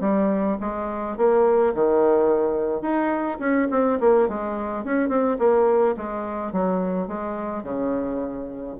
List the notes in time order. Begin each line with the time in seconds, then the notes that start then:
0.00 G3
0.60 G#3
1.17 A#3
1.74 D#3
2.81 D#4
3.39 C#4
3.70 C4
4.00 A#3
4.28 G#3
4.84 C#4
5.08 C4
5.39 A#3
5.97 G#3
6.52 F#3
7.08 G#3
7.63 C#3